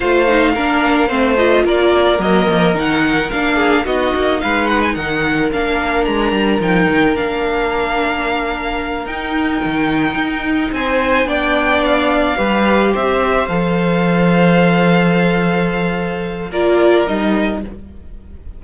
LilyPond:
<<
  \new Staff \with { instrumentName = "violin" } { \time 4/4 \tempo 4 = 109 f''2~ f''8 dis''8 d''4 | dis''4 fis''4 f''4 dis''4 | f''8 fis''16 gis''16 fis''4 f''4 ais''4 | g''4 f''2.~ |
f''8 g''2. gis''8~ | gis''8 g''4 f''2 e''8~ | e''8 f''2.~ f''8~ | f''2 d''4 dis''4 | }
  \new Staff \with { instrumentName = "violin" } { \time 4/4 c''4 ais'4 c''4 ais'4~ | ais'2~ ais'8 gis'8 fis'4 | b'4 ais'2.~ | ais'1~ |
ais'2.~ ais'8 c''8~ | c''8 d''2 b'4 c''8~ | c''1~ | c''2 ais'2 | }
  \new Staff \with { instrumentName = "viola" } { \time 4/4 f'8 dis'8 d'4 c'8 f'4. | ais4 dis'4 d'4 dis'4~ | dis'2 d'2 | dis'4 d'2.~ |
d'8 dis'2.~ dis'8~ | dis'8 d'2 g'4.~ | g'8 a'2.~ a'8~ | a'2 f'4 dis'4 | }
  \new Staff \with { instrumentName = "cello" } { \time 4/4 a4 ais4 a4 ais4 | fis8 f8 dis4 ais4 b8 ais8 | gis4 dis4 ais4 gis8 g8 | f8 dis8 ais2.~ |
ais8 dis'4 dis4 dis'4 c'8~ | c'8 b2 g4 c'8~ | c'8 f2.~ f8~ | f2 ais4 g4 | }
>>